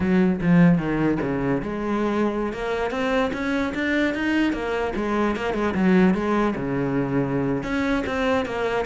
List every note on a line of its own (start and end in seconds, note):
0.00 0.39 F#3
0.41 0.78 F3
0.78 1.18 D#3
1.21 1.61 C#3
1.62 2.52 G#3
2.52 2.90 A#3
2.90 3.31 C4
3.33 3.73 C#4
3.74 4.14 D4
4.14 4.52 D#4
4.52 4.93 A#3
4.95 5.36 G#3
5.36 5.54 A#3
5.54 5.74 G#3
5.74 6.14 F#3
6.14 6.54 G#3
6.55 7.63 C#3
7.63 8.03 C#4
8.06 8.45 C4
8.45 8.85 A#3